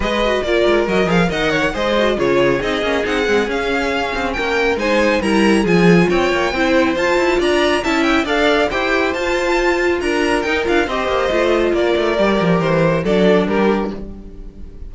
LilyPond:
<<
  \new Staff \with { instrumentName = "violin" } { \time 4/4 \tempo 4 = 138 dis''4 d''4 dis''8 f''8 fis''4 | dis''4 cis''4 dis''4 fis''4 | f''2 g''4 gis''4 | ais''4 gis''4 g''2 |
a''4 ais''4 a''8 g''8 f''4 | g''4 a''2 ais''4 | g''8 f''8 dis''2 d''4~ | d''4 c''4 d''4 ais'4 | }
  \new Staff \with { instrumentName = "violin" } { \time 4/4 b'4 ais'2 dis''8 cis''8 | c''4 gis'2.~ | gis'2 ais'4 c''4 | ais'4 gis'4 cis''4 c''4~ |
c''4 d''4 e''4 d''4 | c''2. ais'4~ | ais'4 c''2 ais'4~ | ais'2 a'4 g'4 | }
  \new Staff \with { instrumentName = "viola" } { \time 4/4 gis'8 fis'8 f'4 fis'8 gis'8 ais'4 | gis'8 fis'8 f'4 dis'8 cis'8 dis'8 c'8 | cis'2. dis'4 | e'4 f'2 e'4 |
f'2 e'4 a'4 | g'4 f'2. | dis'8 f'8 g'4 f'2 | g'2 d'2 | }
  \new Staff \with { instrumentName = "cello" } { \time 4/4 gis4 ais8 gis8 fis8 f8 dis4 | gis4 cis4 c'8 ais8 c'8 gis8 | cis'4. c'8 ais4 gis4 | g4 f4 c'8 ais8 c'4 |
f'8 e'8 d'4 cis'4 d'4 | e'4 f'2 d'4 | dis'8 d'8 c'8 ais8 a4 ais8 a8 | g8 f8 e4 fis4 g4 | }
>>